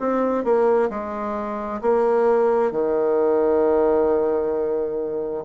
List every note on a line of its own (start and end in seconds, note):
0.00 0.44 C4
0.44 0.90 A#3
0.90 1.81 G#3
1.81 2.72 A#3
2.72 5.45 D#3